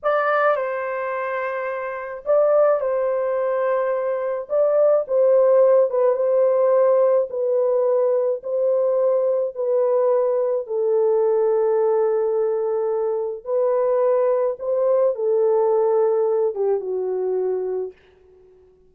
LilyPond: \new Staff \with { instrumentName = "horn" } { \time 4/4 \tempo 4 = 107 d''4 c''2. | d''4 c''2. | d''4 c''4. b'8 c''4~ | c''4 b'2 c''4~ |
c''4 b'2 a'4~ | a'1 | b'2 c''4 a'4~ | a'4. g'8 fis'2 | }